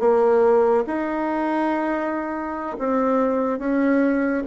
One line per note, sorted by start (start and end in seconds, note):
0.00 0.85 A#3
0.87 2.77 D#4
2.79 3.59 C4
3.59 4.44 C#4